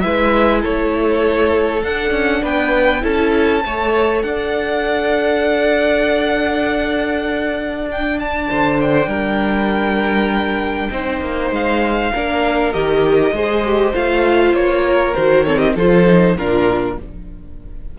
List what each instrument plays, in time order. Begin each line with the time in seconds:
0.00 cello G#3, viola E4, violin B4 E5
0.61 cello A3, violin A4 C#5
1.82 viola D4, cello D4, violin F#5
2.11 cello C#4
2.42 cello B3, violin B4 G5
3.01 cello C#4, viola E4, violin A4 A5
3.64 cello A3, viola A4, violin C#5
4.22 cello D4, violin D5 F#5
7.88 viola D4, violin G5
8.19 violin A5
8.50 cello D3, violin C5
8.81 violin G5
9.07 cello G3, violin A#4
10.91 cello C4, viola D#4, violin C5
11.21 cello A#3
11.51 cello G#3, violin F5
12.13 cello A#3, viola D4, violin A#4
12.73 cello D#3, viola G4, violin D#5
13.32 cello G#3, viola G#4, violin C5
13.66 viola G4
13.93 cello A3, viola F4, violin F5
14.53 cello A#3, violin C#5
14.86 violin A#4
15.14 cello D#3, viola F#4, violin C5
15.44 viola C4, violin A4 C#5
15.57 violin G4 D#5
15.75 cello F3, viola F4, violin A4 C5
16.07 viola D#4
16.36 cello A#2, viola D4, violin F4 A#4